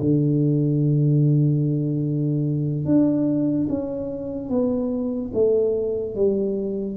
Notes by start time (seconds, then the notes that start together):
0.00 D3
2.85 D4
3.69 C#4
4.49 B3
5.33 A3
6.15 G3